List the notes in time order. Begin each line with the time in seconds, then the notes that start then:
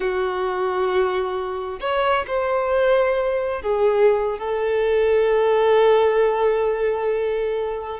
0.00 F#4
1.80 C#5
2.27 C5
3.62 G#4
4.38 A4